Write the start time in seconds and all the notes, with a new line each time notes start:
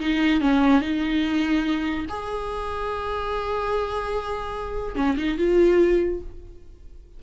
0.00 D#4
0.41 C#4
0.82 D#4
2.09 G#4
4.96 C#4
5.17 D#4
5.38 F4